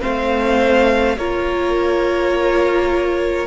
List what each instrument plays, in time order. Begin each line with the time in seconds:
0.00 cello A3, viola C4, violin C5 F5
1.17 cello A#3, viola F4, violin A#4 C#5